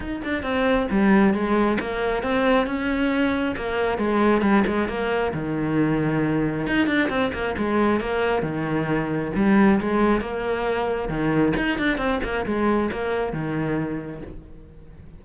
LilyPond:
\new Staff \with { instrumentName = "cello" } { \time 4/4 \tempo 4 = 135 dis'8 d'8 c'4 g4 gis4 | ais4 c'4 cis'2 | ais4 gis4 g8 gis8 ais4 | dis2. dis'8 d'8 |
c'8 ais8 gis4 ais4 dis4~ | dis4 g4 gis4 ais4~ | ais4 dis4 dis'8 d'8 c'8 ais8 | gis4 ais4 dis2 | }